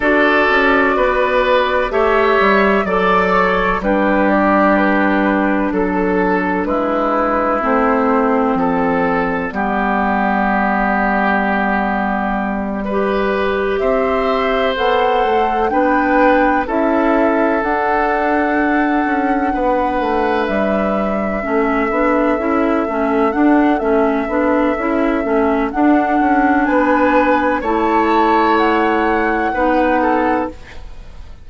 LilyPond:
<<
  \new Staff \with { instrumentName = "flute" } { \time 4/4 \tempo 4 = 63 d''2 e''4 d''8 cis''8 | b'8 d''8 b'4 a'4 b'4 | c''4 d''2.~ | d''2~ d''8 e''4 fis''8~ |
fis''8 g''4 e''4 fis''4.~ | fis''4. e''2~ e''8~ | e''8 fis''8 e''2 fis''4 | gis''4 a''4 fis''2 | }
  \new Staff \with { instrumentName = "oboe" } { \time 4/4 a'4 b'4 cis''4 d''4 | g'2 a'4 e'4~ | e'4 a'4 g'2~ | g'4. b'4 c''4.~ |
c''8 b'4 a'2~ a'8~ | a'8 b'2 a'4.~ | a'1 | b'4 cis''2 b'8 a'8 | }
  \new Staff \with { instrumentName = "clarinet" } { \time 4/4 fis'2 g'4 a'4 | d'1 | c'2 b2~ | b4. g'2 a'8~ |
a'8 d'4 e'4 d'4.~ | d'2~ d'8 cis'8 d'8 e'8 | cis'8 d'8 cis'8 d'8 e'8 cis'8 d'4~ | d'4 e'2 dis'4 | }
  \new Staff \with { instrumentName = "bassoon" } { \time 4/4 d'8 cis'8 b4 a8 g8 fis4 | g2 fis4 gis4 | a4 f4 g2~ | g2~ g8 c'4 b8 |
a8 b4 cis'4 d'4. | cis'8 b8 a8 g4 a8 b8 cis'8 | a8 d'8 a8 b8 cis'8 a8 d'8 cis'8 | b4 a2 b4 | }
>>